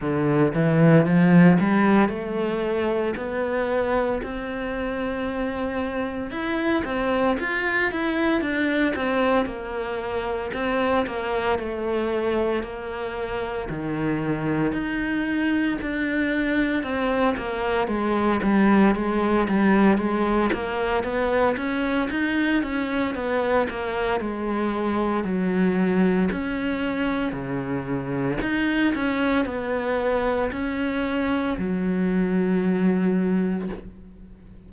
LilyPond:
\new Staff \with { instrumentName = "cello" } { \time 4/4 \tempo 4 = 57 d8 e8 f8 g8 a4 b4 | c'2 e'8 c'8 f'8 e'8 | d'8 c'8 ais4 c'8 ais8 a4 | ais4 dis4 dis'4 d'4 |
c'8 ais8 gis8 g8 gis8 g8 gis8 ais8 | b8 cis'8 dis'8 cis'8 b8 ais8 gis4 | fis4 cis'4 cis4 dis'8 cis'8 | b4 cis'4 fis2 | }